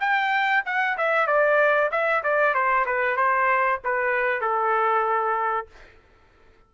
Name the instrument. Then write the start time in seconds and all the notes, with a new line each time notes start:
trumpet
0.00 G5
0.65 F#5
0.97 E5
1.27 D5
1.91 E5
2.23 D5
2.54 C5
2.86 B4
3.16 C5
3.84 B4
4.41 A4